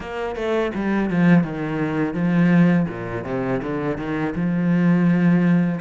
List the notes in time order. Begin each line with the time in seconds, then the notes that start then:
0.00 A#3
0.35 A3
0.74 G3
1.09 F3
1.43 D#3
2.14 F3
2.88 A#2
3.24 C3
3.62 D3
3.97 D#3
4.35 F3